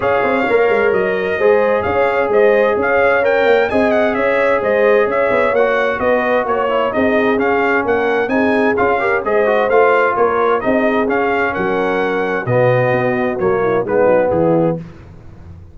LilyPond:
<<
  \new Staff \with { instrumentName = "trumpet" } { \time 4/4 \tempo 4 = 130 f''2 dis''2 | f''4 dis''4 f''4 g''4 | gis''8 fis''8 e''4 dis''4 e''4 | fis''4 dis''4 cis''4 dis''4 |
f''4 fis''4 gis''4 f''4 | dis''4 f''4 cis''4 dis''4 | f''4 fis''2 dis''4~ | dis''4 cis''4 b'4 gis'4 | }
  \new Staff \with { instrumentName = "horn" } { \time 4/4 cis''2. c''4 | cis''4 c''4 cis''2 | dis''4 cis''4 c''4 cis''4~ | cis''4 b'4 cis''4 gis'4~ |
gis'4 ais'4 gis'4. ais'8 | c''2 ais'4 gis'4~ | gis'4 ais'2 fis'4~ | fis'4. e'8 dis'4 e'4 | }
  \new Staff \with { instrumentName = "trombone" } { \time 4/4 gis'4 ais'2 gis'4~ | gis'2. ais'4 | gis'1 | fis'2~ fis'8 e'8 dis'4 |
cis'2 dis'4 f'8 g'8 | gis'8 fis'8 f'2 dis'4 | cis'2. b4~ | b4 ais4 b2 | }
  \new Staff \with { instrumentName = "tuba" } { \time 4/4 cis'8 c'8 ais8 gis8 fis4 gis4 | cis'4 gis4 cis'4. ais8 | c'4 cis'4 gis4 cis'8 b8 | ais4 b4 ais4 c'4 |
cis'4 ais4 c'4 cis'4 | gis4 a4 ais4 c'4 | cis'4 fis2 b,4 | b4 fis4 gis8 fis8 e4 | }
>>